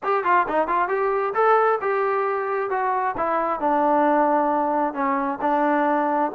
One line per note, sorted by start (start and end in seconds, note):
0.03 0.24 G4
0.24 0.46 F4
0.48 0.67 D#4
0.67 0.88 F4
0.88 1.33 G4
1.34 1.79 A4
1.81 2.70 G4
2.70 3.15 F#4
3.17 3.59 E4
3.59 4.93 D4
4.93 5.38 C#4
5.41 6.31 D4